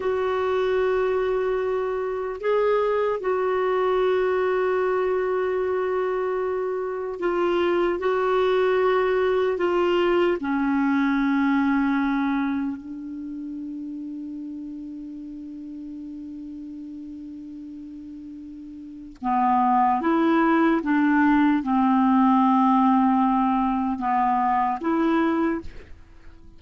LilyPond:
\new Staff \with { instrumentName = "clarinet" } { \time 4/4 \tempo 4 = 75 fis'2. gis'4 | fis'1~ | fis'4 f'4 fis'2 | f'4 cis'2. |
d'1~ | d'1 | b4 e'4 d'4 c'4~ | c'2 b4 e'4 | }